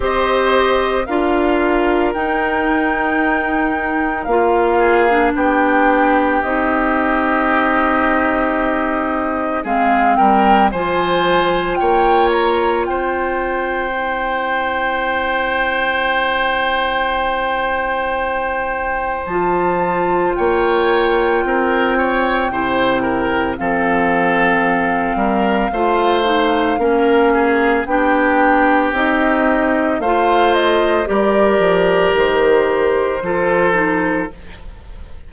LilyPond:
<<
  \new Staff \with { instrumentName = "flute" } { \time 4/4 \tempo 4 = 56 dis''4 f''4 g''2 | f''4 g''4 dis''2~ | dis''4 f''8 g''8 gis''4 g''8 ais''8 | g''1~ |
g''2 a''4 g''4~ | g''2 f''2~ | f''2 g''4 dis''4 | f''8 dis''8 d''4 c''2 | }
  \new Staff \with { instrumentName = "oboe" } { \time 4/4 c''4 ais'2.~ | ais'8 gis'8 g'2.~ | g'4 gis'8 ais'8 c''4 cis''4 | c''1~ |
c''2. cis''4 | ais'8 cis''8 c''8 ais'8 a'4. ais'8 | c''4 ais'8 gis'8 g'2 | c''4 ais'2 a'4 | }
  \new Staff \with { instrumentName = "clarinet" } { \time 4/4 g'4 f'4 dis'2 | f'8. d'4~ d'16 dis'2~ | dis'4 c'4 f'2~ | f'4 e'2.~ |
e'2 f'2~ | f'4 e'4 c'2 | f'8 dis'8 cis'4 d'4 dis'4 | f'4 g'2 f'8 dis'8 | }
  \new Staff \with { instrumentName = "bassoon" } { \time 4/4 c'4 d'4 dis'2 | ais4 b4 c'2~ | c'4 gis8 g8 f4 ais4 | c'1~ |
c'2 f4 ais4 | c'4 c4 f4. g8 | a4 ais4 b4 c'4 | a4 g8 f8 dis4 f4 | }
>>